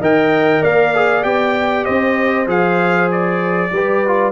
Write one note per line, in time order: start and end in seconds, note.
0.00 0.62 D#3
0.00 0.94 A#4
0.00 0.61 D#5
0.00 0.63 G5
0.61 1.24 A#3
0.61 1.85 D5
0.61 1.23 F5
0.94 1.22 G#4
1.22 1.86 B3
1.22 2.46 G4
1.22 1.85 G5
1.85 2.47 C4
1.85 3.71 C5
1.85 2.47 D#5
2.47 3.70 F3
2.47 3.70 G#4
2.47 3.11 F5
3.11 4.32 D5
3.71 4.32 G3
3.71 4.07 G4
3.71 4.32 B4
4.07 4.32 F4